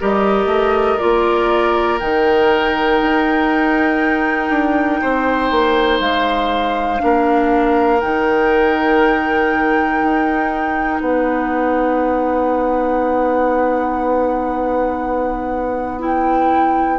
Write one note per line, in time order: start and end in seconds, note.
0.00 0.46 G3
0.00 1.00 G4
0.00 5.01 A#4
0.00 0.99 D#5
0.46 0.96 A3
0.99 2.01 A#3
0.99 2.00 F4
0.99 1.99 D5
2.00 3.01 D#3
2.00 6.99 D#4
2.00 6.00 G5
3.02 4.50 D#4
4.50 5.00 D4
5.02 5.51 C4
5.02 7.02 C5
5.51 6.01 A#3
6.01 7.01 G#3
6.01 8.01 F5
6.99 8.03 A#3
6.99 7.99 D4
6.99 11.02 A#4
8.01 10.03 D#3
8.01 16.00 D#4
8.01 11.01 G5
10.03 11.01 D#4
11.01 17.00 B3
11.01 17.00 B4
11.01 16.01 F#5
16.00 17.00 E4
16.00 17.00 G5